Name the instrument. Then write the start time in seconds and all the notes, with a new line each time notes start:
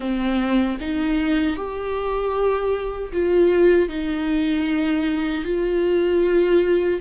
viola
0.00 C4
0.80 D#4
1.56 G4
3.12 F4
3.89 D#4
5.44 F4